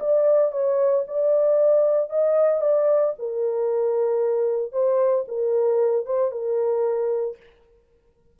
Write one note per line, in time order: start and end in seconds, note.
0.00 0.52 D5
0.52 1.05 C#5
1.07 2.10 D5
2.10 2.61 D#5
2.61 3.14 D5
3.19 4.72 A#4
4.72 5.25 C5
5.28 6.06 A#4
6.06 6.32 C5
6.32 7.37 A#4